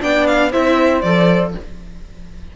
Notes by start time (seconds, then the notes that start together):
0.00 B3 D4 D5 G5
0.27 F5
0.51 C4 E4 C5 E5
1.02 F3 A4 D5